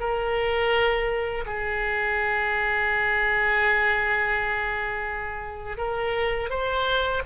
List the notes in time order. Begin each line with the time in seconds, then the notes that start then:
0.00 A#4
1.46 G#4
5.77 A#4
6.50 C5